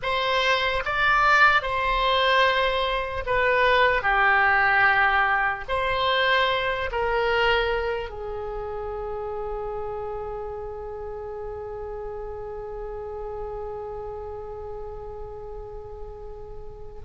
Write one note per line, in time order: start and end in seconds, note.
0.02 0.83 C5
0.85 1.61 D5
1.61 3.24 C5
3.25 4.02 B4
4.02 5.64 G4
5.68 6.90 C5
6.91 8.09 A#4
8.09 17.01 G#4